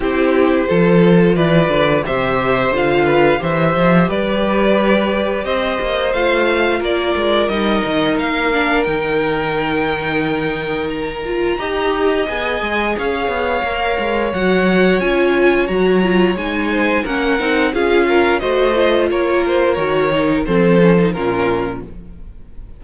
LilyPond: <<
  \new Staff \with { instrumentName = "violin" } { \time 4/4 \tempo 4 = 88 c''2 d''4 e''4 | f''4 e''4 d''2 | dis''4 f''4 d''4 dis''4 | f''4 g''2. |
ais''2 gis''4 f''4~ | f''4 fis''4 gis''4 ais''4 | gis''4 fis''4 f''4 dis''4 | cis''8 c''8 cis''4 c''4 ais'4 | }
  \new Staff \with { instrumentName = "violin" } { \time 4/4 g'4 a'4 b'4 c''4~ | c''8 b'8 c''4 b'2 | c''2 ais'2~ | ais'1~ |
ais'4 dis''2 cis''4~ | cis''1~ | cis''8 c''8 ais'4 gis'8 ais'8 c''4 | ais'2 a'4 f'4 | }
  \new Staff \with { instrumentName = "viola" } { \time 4/4 e'4 f'2 g'4 | f'4 g'2.~ | g'4 f'2 dis'4~ | dis'8 d'8 dis'2.~ |
dis'8 f'8 g'4 gis'2 | ais'4 fis'4 f'4 fis'8 f'8 | dis'4 cis'8 dis'8 f'4 fis'8 f'8~ | f'4 fis'8 dis'8 c'8 cis'16 dis'16 cis'4 | }
  \new Staff \with { instrumentName = "cello" } { \time 4/4 c'4 f4 e8 d8 c4 | d4 e8 f8 g2 | c'8 ais8 a4 ais8 gis8 g8 dis8 | ais4 dis2.~ |
dis4 dis'4 b8 gis8 cis'8 b8 | ais8 gis8 fis4 cis'4 fis4 | gis4 ais8 c'8 cis'4 a4 | ais4 dis4 f4 ais,4 | }
>>